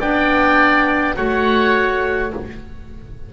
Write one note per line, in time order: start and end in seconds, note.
0.00 1.17 B3
0.00 1.16 D4
0.00 1.15 D5
0.00 1.17 G5
1.16 2.33 A3
1.16 2.31 F#4
1.16 2.32 C#5
1.16 2.32 F#5